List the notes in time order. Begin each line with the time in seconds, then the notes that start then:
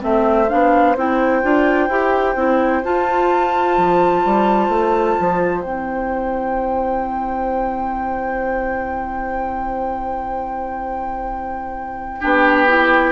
0.00 A3 C4 C5 E5
0.49 B3 D4 F5
0.96 C4 E4 G5
1.43 D4 F4
1.89 E4 G4
2.36 C4 E4
2.84 F4 A5
3.78 F3
4.25 G3
4.69 A3
5.20 F3
5.61 C4 E4 G5
12.20 B3 D4 G4
12.68 E4